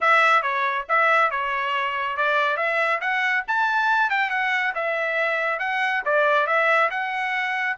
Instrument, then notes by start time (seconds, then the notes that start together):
trumpet
0.00 E5
0.42 C#5
0.88 E5
1.30 C#5
2.16 D5
2.56 E5
3.00 F#5
3.47 A5
4.10 G5
4.29 F#5
4.74 E5
5.59 F#5
6.05 D5
6.46 E5
6.90 F#5